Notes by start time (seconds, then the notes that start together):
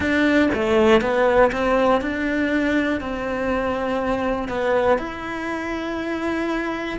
0.00 D4
0.54 A3
1.01 B3
1.52 C4
2.01 D4
3.00 C4
4.48 B3
4.98 E4